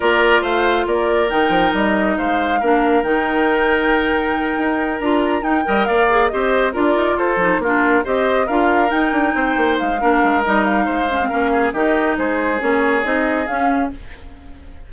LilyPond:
<<
  \new Staff \with { instrumentName = "flute" } { \time 4/4 \tempo 4 = 138 d''4 f''4 d''4 g''4 | dis''4 f''2 g''4~ | g''2.~ g''8 ais''8~ | ais''8 g''4 f''4 dis''4 d''8~ |
d''8 c''4 ais'4 dis''4 f''8~ | f''8 g''2 f''4. | dis''8 f''2~ f''8 dis''4 | c''4 cis''4 dis''4 f''4 | }
  \new Staff \with { instrumentName = "oboe" } { \time 4/4 ais'4 c''4 ais'2~ | ais'4 c''4 ais'2~ | ais'1~ | ais'4 dis''8 d''4 c''4 ais'8~ |
ais'8 a'4 f'4 c''4 ais'8~ | ais'4. c''4. ais'4~ | ais'4 c''4 ais'8 gis'8 g'4 | gis'1 | }
  \new Staff \with { instrumentName = "clarinet" } { \time 4/4 f'2. dis'4~ | dis'2 d'4 dis'4~ | dis'2.~ dis'8 f'8~ | f'8 dis'8 ais'4 gis'8 g'4 f'8~ |
f'4 dis'8 d'4 g'4 f'8~ | f'8 dis'2~ dis'8 d'4 | dis'4. cis'16 c'16 cis'4 dis'4~ | dis'4 cis'4 dis'4 cis'4 | }
  \new Staff \with { instrumentName = "bassoon" } { \time 4/4 ais4 a4 ais4 dis8 f8 | g4 gis4 ais4 dis4~ | dis2~ dis8 dis'4 d'8~ | d'8 dis'8 g8 ais4 c'4 d'8 |
dis'8 f'8 f8 ais4 c'4 d'8~ | d'8 dis'8 d'8 c'8 ais8 gis8 ais8 gis8 | g4 gis4 ais4 dis4 | gis4 ais4 c'4 cis'4 | }
>>